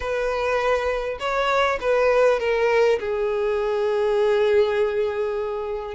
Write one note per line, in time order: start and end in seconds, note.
0.00 1.18 B4
1.19 1.78 C#5
1.80 2.39 B4
2.39 2.99 A#4
2.99 5.94 G#4